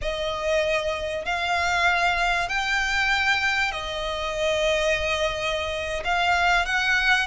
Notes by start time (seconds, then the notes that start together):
0.01 D#5
1.25 F5
2.48 G5
3.71 D#5
6.04 F5
6.65 F#5